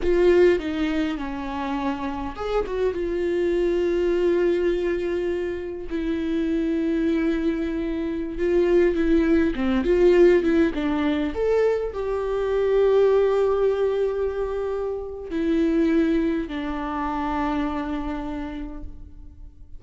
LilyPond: \new Staff \with { instrumentName = "viola" } { \time 4/4 \tempo 4 = 102 f'4 dis'4 cis'2 | gis'8 fis'8 f'2.~ | f'2 e'2~ | e'2~ e'16 f'4 e'8.~ |
e'16 c'8 f'4 e'8 d'4 a'8.~ | a'16 g'2.~ g'8.~ | g'2 e'2 | d'1 | }